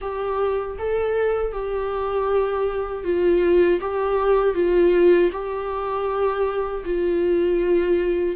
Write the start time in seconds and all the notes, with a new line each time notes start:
0.01 G4
0.78 A4
1.52 G4
3.03 F4
3.80 G4
4.54 F4
5.32 G4
6.84 F4